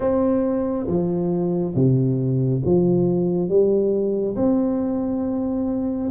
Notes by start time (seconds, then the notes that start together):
0.00 C4
0.87 F3
1.75 C3
2.64 F3
3.48 G3
4.36 C4